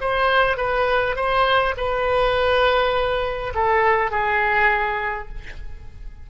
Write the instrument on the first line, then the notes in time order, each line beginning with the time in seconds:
oboe
0.00 C5
0.57 B4
1.16 C5
1.77 B4
3.55 A4
4.11 G#4